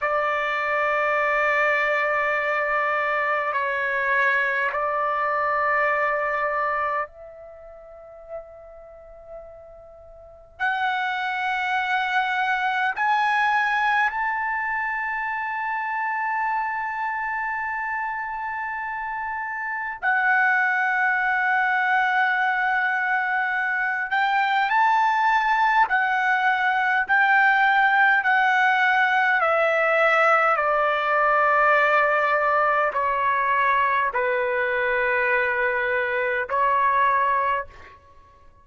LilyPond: \new Staff \with { instrumentName = "trumpet" } { \time 4/4 \tempo 4 = 51 d''2. cis''4 | d''2 e''2~ | e''4 fis''2 gis''4 | a''1~ |
a''4 fis''2.~ | fis''8 g''8 a''4 fis''4 g''4 | fis''4 e''4 d''2 | cis''4 b'2 cis''4 | }